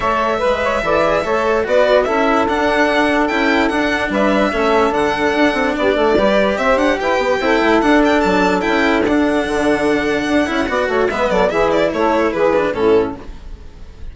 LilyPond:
<<
  \new Staff \with { instrumentName = "violin" } { \time 4/4 \tempo 4 = 146 e''1 | d''4 e''4 fis''2 | g''4 fis''4 e''2 | fis''2 d''2 |
e''8 fis''8 g''2 fis''8 g''8 | a''4 g''4 fis''2~ | fis''2. e''8 d''8 | e''8 d''8 cis''4 b'4 a'4 | }
  \new Staff \with { instrumentName = "saxophone" } { \time 4/4 cis''4 b'8 cis''8 d''4 cis''4 | b'4 a'2.~ | a'2 b'4 a'4~ | a'2 g'8 a'8 b'4 |
c''4 b'4 a'2~ | a'1~ | a'2 d''8 cis''8 b'8 a'8 | gis'4 a'4 gis'4 e'4 | }
  \new Staff \with { instrumentName = "cello" } { \time 4/4 a'4 b'4 a'8 gis'8 a'4 | fis'4 e'4 d'2 | e'4 d'2 cis'4 | d'2. g'4~ |
g'2 e'4 d'4~ | d'4 e'4 d'2~ | d'4. e'8 fis'4 b4 | e'2~ e'8 d'8 cis'4 | }
  \new Staff \with { instrumentName = "bassoon" } { \time 4/4 a4 gis4 e4 a4 | b4 cis'4 d'2 | cis'4 d'4 g4 a4 | d4 d'8 c'8 b8 a8 g4 |
c'8 d'8 e'8 b8 c'8 a8 d'4 | fis4 cis'4 d'4 d4~ | d4 d'8 cis'8 b8 a8 gis8 fis8 | e4 a4 e4 a,4 | }
>>